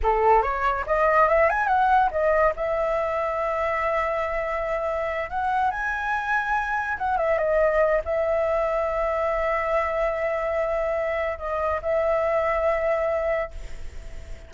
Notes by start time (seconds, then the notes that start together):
0.02 A4
0.42 C#5
0.86 D#5
1.28 E5
1.49 G#5
1.67 F#5
2.11 D#5
2.55 E5
5.29 F#5
5.70 G#5
6.98 F#5
7.17 E5
7.38 D#5
8.04 E5
11.38 D#5
11.81 E5